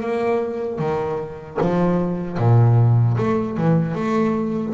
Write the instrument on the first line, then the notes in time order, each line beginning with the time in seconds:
double bass
0.00 A#3
0.79 D#3
1.61 F3
2.38 A#2
3.18 A3
3.57 E3
3.95 A3